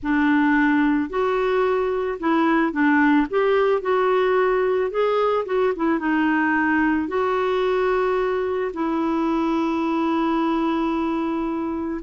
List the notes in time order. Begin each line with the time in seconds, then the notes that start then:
0.02 D4
1.09 F#4
2.19 E4
2.72 D4
3.30 G4
3.81 F#4
4.90 G#4
5.45 F#4
5.76 E4
5.99 D#4
7.08 F#4
8.73 E4